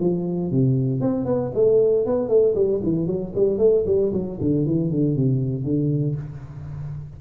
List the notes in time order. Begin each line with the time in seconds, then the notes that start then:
0.00 F3
0.51 C3
1.01 C4
1.26 B3
1.54 A3
2.06 B3
2.29 A3
2.55 G3
2.84 E3
3.07 F#3
3.35 G3
3.58 A3
3.86 G3
4.13 F#3
4.41 D3
4.66 E3
4.91 D3
5.16 C3
5.64 D3